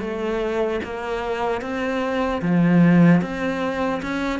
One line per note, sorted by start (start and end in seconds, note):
0.00 0.80 A3
0.84 1.61 A#3
1.61 2.41 C4
2.42 3.21 F3
3.21 4.01 C4
4.02 4.40 C#4